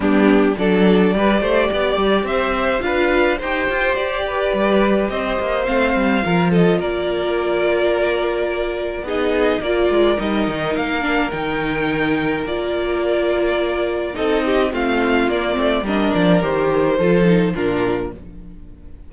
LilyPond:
<<
  \new Staff \with { instrumentName = "violin" } { \time 4/4 \tempo 4 = 106 g'4 d''2. | e''4 f''4 g''4 d''4~ | d''4 dis''4 f''4. dis''8 | d''1 |
dis''4 d''4 dis''4 f''4 | g''2 d''2~ | d''4 dis''4 f''4 d''4 | dis''8 d''8 c''2 ais'4 | }
  \new Staff \with { instrumentName = "violin" } { \time 4/4 d'4 a'4 b'8 c''8 d''4 | c''4 b'4 c''4. b'8~ | b'4 c''2 ais'8 a'8 | ais'1 |
gis'4 ais'2.~ | ais'1~ | ais'4 a'8 g'8 f'2 | ais'2 a'4 f'4 | }
  \new Staff \with { instrumentName = "viola" } { \time 4/4 b4 d'4 g'2~ | g'4 f'4 g'2~ | g'2 c'4 f'4~ | f'1 |
dis'4 f'4 dis'4. d'8 | dis'2 f'2~ | f'4 dis'4 c'4 ais8 c'8 | d'4 g'4 f'8 dis'8 d'4 | }
  \new Staff \with { instrumentName = "cello" } { \time 4/4 g4 fis4 g8 a8 b8 g8 | c'4 d'4 dis'8 f'8 g'4 | g4 c'8 ais8 a8 g8 f4 | ais1 |
b4 ais8 gis8 g8 dis8 ais4 | dis2 ais2~ | ais4 c'4 a4 ais8 a8 | g8 f8 dis4 f4 ais,4 | }
>>